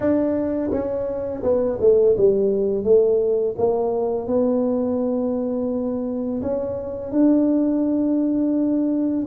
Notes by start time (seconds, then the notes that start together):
0.00 D4
0.71 C#4
1.43 B3
1.80 A3
2.17 G3
2.83 A3
3.58 A#3
4.27 B3
6.42 C#4
7.11 D4